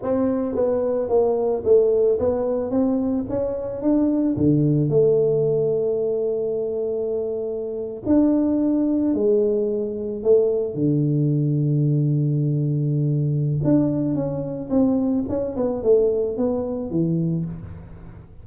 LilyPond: \new Staff \with { instrumentName = "tuba" } { \time 4/4 \tempo 4 = 110 c'4 b4 ais4 a4 | b4 c'4 cis'4 d'4 | d4 a2.~ | a2~ a8. d'4~ d'16~ |
d'8. gis2 a4 d16~ | d1~ | d4 d'4 cis'4 c'4 | cis'8 b8 a4 b4 e4 | }